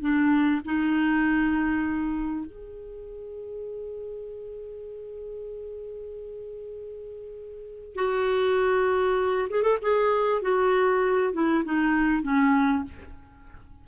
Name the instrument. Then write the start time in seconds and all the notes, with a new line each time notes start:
clarinet
0.00 D4
0.65 D#4
2.46 G#4
7.95 F#4
9.50 G#4
9.62 A4
9.82 G#4
10.41 F#4
11.33 E4
11.64 D#4
12.22 C#4